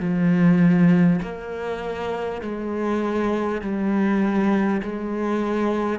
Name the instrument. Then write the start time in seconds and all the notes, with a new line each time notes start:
cello
0.00 F3
1.22 A#3
2.42 G#3
3.62 G3
4.82 G#3